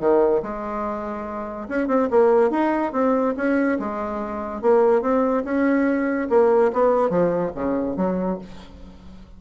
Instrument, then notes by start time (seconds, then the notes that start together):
bassoon
0.00 D#3
0.42 G#3
1.68 C#4
1.88 C4
2.10 A#3
2.50 D#4
2.92 C4
3.37 C#4
3.79 G#3
4.62 A#3
5.02 C4
5.45 C#4
6.30 A#3
6.73 B3
7.09 F3
7.55 C#3
7.96 F#3